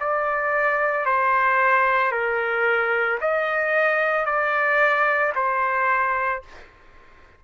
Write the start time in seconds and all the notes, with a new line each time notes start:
0.00 D5
1.06 C5
2.12 A#4
3.20 D#5
4.26 D5
5.35 C5